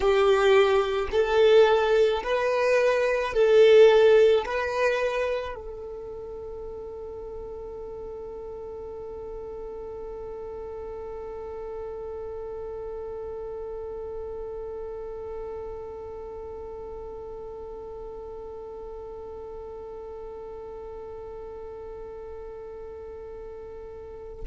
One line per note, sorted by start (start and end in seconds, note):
0.00 1.08 G4
1.11 2.22 A4
2.23 3.33 B4
3.33 4.44 A4
4.45 5.55 B4
5.55 24.43 A4